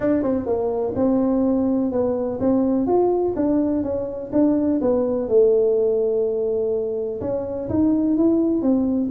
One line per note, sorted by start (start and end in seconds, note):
0.00 0.22 D4
0.22 0.45 C4
0.45 0.93 A#3
0.95 1.91 C4
1.91 2.39 B3
2.40 2.86 C4
2.86 3.34 F4
3.36 3.83 D4
3.83 4.31 C#4
4.32 4.80 D4
4.81 5.28 B3
5.28 7.20 A3
7.20 7.68 C#4
7.69 8.16 D#4
8.16 8.62 E4
8.62 9.10 C4